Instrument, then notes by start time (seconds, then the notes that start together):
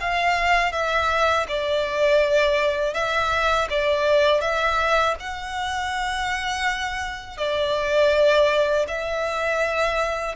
violin
0.00 F5
0.72 E5
1.48 D5
2.94 E5
3.70 D5
4.41 E5
5.20 F#5
7.37 D5
8.88 E5